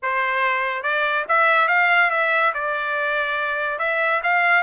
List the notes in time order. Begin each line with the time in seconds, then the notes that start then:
0.02 C5
0.82 D5
1.28 E5
1.68 F5
2.10 E5
2.54 D5
3.78 E5
4.23 F5